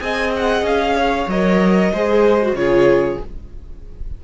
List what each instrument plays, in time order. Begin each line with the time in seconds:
0.00 cello C4, viola G#4, violin D#5 G#5
0.36 violin F#5
0.62 cello C#4, violin F5
0.96 violin C#5
1.27 cello F#3, viola A#4, violin D#5
1.93 cello G#3, viola G#4, violin C5
2.42 viola F#4
2.53 cello C#3, viola F4, violin C#5
2.60 violin G#4